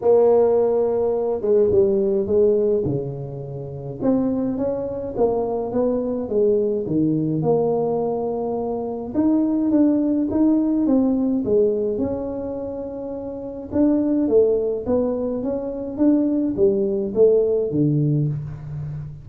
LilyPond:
\new Staff \with { instrumentName = "tuba" } { \time 4/4 \tempo 4 = 105 ais2~ ais8 gis8 g4 | gis4 cis2 c'4 | cis'4 ais4 b4 gis4 | dis4 ais2. |
dis'4 d'4 dis'4 c'4 | gis4 cis'2. | d'4 a4 b4 cis'4 | d'4 g4 a4 d4 | }